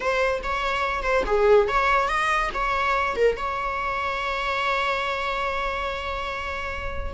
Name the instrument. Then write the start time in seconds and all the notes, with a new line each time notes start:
viola
0.00 C5
0.43 C#5
1.02 C5
1.26 G#4
1.68 C#5
2.08 D#5
2.54 C#5
3.16 A#4
3.37 C#5